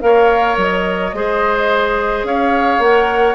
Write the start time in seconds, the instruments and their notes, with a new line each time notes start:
0.00 bassoon A#3, clarinet A#4, oboe C#5, flute F5
0.57 bassoon F#3, flute D#5
1.13 bassoon G#3, clarinet G#4, oboe C5
2.23 bassoon C#4, oboe C#5, flute F5
2.78 bassoon A#3, clarinet A#4, flute F#5